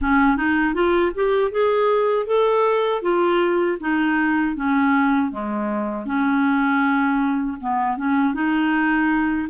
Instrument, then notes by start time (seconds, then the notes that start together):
clarinet
0.01 C#4
0.37 D#4
0.74 F4
1.14 G4
1.51 G#4
2.26 A4
3.02 F4
3.80 D#4
4.56 C#4
5.31 G#3
6.06 C#4
7.60 B3
7.97 C#4
8.34 D#4